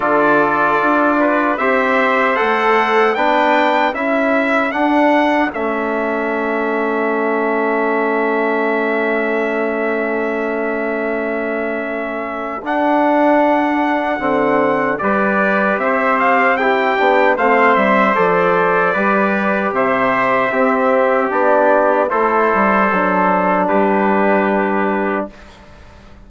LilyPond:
<<
  \new Staff \with { instrumentName = "trumpet" } { \time 4/4 \tempo 4 = 76 d''2 e''4 fis''4 | g''4 e''4 fis''4 e''4~ | e''1~ | e''1 |
fis''2. d''4 | e''8 f''8 g''4 f''8 e''8 d''4~ | d''4 e''2 d''4 | c''2 b'2 | }
  \new Staff \with { instrumentName = "trumpet" } { \time 4/4 a'4. b'8 c''2 | b'4 a'2.~ | a'1~ | a'1~ |
a'2. b'4 | c''4 g'4 c''2 | b'4 c''4 g'2 | a'2 g'2 | }
  \new Staff \with { instrumentName = "trombone" } { \time 4/4 f'2 g'4 a'4 | d'4 e'4 d'4 cis'4~ | cis'1~ | cis'1 |
d'2 c'4 g'4~ | g'4 e'8 d'8 c'4 a'4 | g'2 c'4 d'4 | e'4 d'2. | }
  \new Staff \with { instrumentName = "bassoon" } { \time 4/4 d4 d'4 c'4 a4 | b4 cis'4 d'4 a4~ | a1~ | a1 |
d'2 d4 g4 | c'4. b8 a8 g8 f4 | g4 c4 c'4 b4 | a8 g8 fis4 g2 | }
>>